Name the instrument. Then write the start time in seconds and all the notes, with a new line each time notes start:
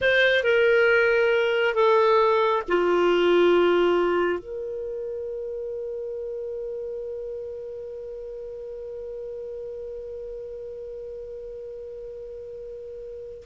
clarinet
0.01 C5
0.43 A#4
1.74 A4
2.68 F4
4.39 A#4